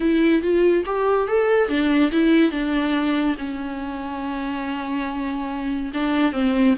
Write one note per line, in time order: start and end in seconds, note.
0.00 0.41 E4
0.41 0.84 F4
0.85 1.27 G4
1.27 1.68 A4
1.68 2.11 D4
2.11 2.51 E4
2.51 3.35 D4
3.38 5.91 C#4
5.93 6.32 D4
6.32 6.74 C4